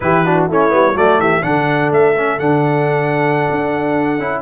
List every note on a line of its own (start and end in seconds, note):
0.00 0.49 E3
0.00 0.25 E4
0.00 0.25 G4
0.00 0.44 B4
0.25 0.49 D4
0.25 0.48 F#4
0.48 0.73 A3
0.48 0.69 C#4
0.48 0.95 E4
0.48 0.97 C#5
0.69 0.95 G3
0.69 0.93 B3
0.94 1.18 F#3
0.94 1.42 A3
0.94 1.19 F#4
0.94 1.20 D5
1.18 1.42 E3
1.18 1.43 G4
1.18 1.43 E5
1.42 1.91 D3
1.42 2.14 D4
1.42 4.42 A4
1.42 1.91 F#5
1.91 2.39 A3
1.91 2.39 E5
2.17 2.40 C#4
2.39 3.47 D3
2.39 4.19 D4
2.39 4.42 F#5
3.50 4.19 D4
4.19 4.42 C#4
4.19 4.42 E4